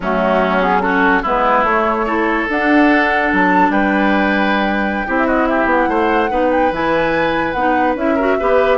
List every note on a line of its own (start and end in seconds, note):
0.00 1.24 F#3
0.00 0.61 A3
0.00 0.82 C#4
0.00 0.62 F#4
0.61 0.81 B3
0.61 0.81 G#4
0.81 1.23 C#4
0.81 1.22 F#4
0.81 1.22 A4
1.22 1.63 G#3
1.22 1.65 B3
1.22 2.05 E4
1.22 1.64 B4
1.63 2.46 A3
1.63 2.06 A3
1.63 2.47 C#5
2.06 2.48 E4
2.06 3.72 A4
2.49 3.32 D4
2.49 5.06 D4
2.49 3.33 F#5
3.32 3.69 F#3
3.32 3.71 A5
3.69 5.04 G3
3.69 5.06 B4
3.69 5.16 G5
5.06 5.65 C4
5.06 6.30 E4
5.06 5.26 G4
5.17 5.27 E5
5.26 5.47 F#4
5.26 5.46 D#5
5.46 5.89 G4
5.46 5.67 E5
5.65 5.86 B3
5.65 6.51 F#5
5.88 6.29 A3
5.88 6.30 C5
6.30 6.71 B3
6.30 6.71 D#4
6.30 8.15 B4
6.51 6.72 G5
6.71 7.53 E3
6.71 7.55 E4
6.71 7.52 G#5
7.52 7.95 B3
7.52 7.97 D#4
7.52 7.93 F#5
7.95 8.36 C#4
7.95 8.17 E4
7.95 8.78 E5
8.15 8.40 F#4
8.15 8.36 A#4
8.39 8.78 B3
8.39 8.78 G4
8.39 8.78 B4